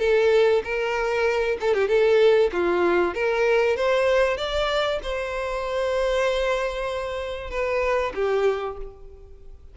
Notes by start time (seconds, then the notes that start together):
0.00 A4
0.64 A#4
1.61 A4
1.74 G4
1.88 A4
2.53 F4
3.14 A#4
3.77 C5
4.38 D5
5.03 C5
7.51 B4
8.15 G4